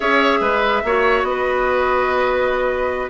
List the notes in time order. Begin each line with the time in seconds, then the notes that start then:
0.00 C#4 G#4 C#5 E5
0.40 G#3 B4
0.84 A#3 F#4 C#5
1.23 B3 D#5
1.29 B4